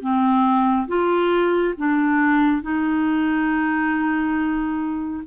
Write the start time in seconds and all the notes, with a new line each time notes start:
0.00 C4
0.87 F4
1.77 D4
2.62 D#4